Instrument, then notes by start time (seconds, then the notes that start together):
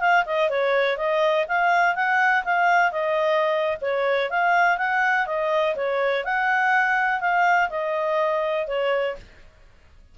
clarinet
0.00 F5
0.26 D#5
0.50 C#5
0.97 D#5
1.48 F5
1.95 F#5
2.44 F5
2.92 D#5
3.81 C#5
4.30 F5
4.78 F#5
5.27 D#5
5.76 C#5
6.24 F#5
7.20 F5
7.70 D#5
8.67 C#5